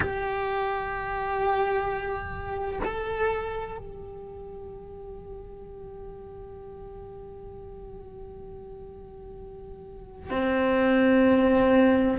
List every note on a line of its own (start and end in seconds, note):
0.00 2.79 G4
2.84 3.78 A4
3.78 10.30 G4
10.30 12.17 C4